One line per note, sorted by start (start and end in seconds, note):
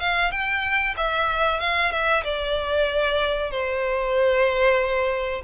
0.00 0.31 F5
0.31 0.95 G5
0.97 1.60 E5
1.60 1.91 F5
1.91 2.23 E5
2.24 3.50 D5
3.50 5.42 C5